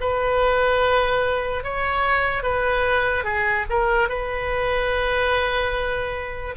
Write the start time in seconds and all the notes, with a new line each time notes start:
0.00 B4
1.63 C#5
2.42 B4
3.24 G#4
3.69 A#4
4.08 B4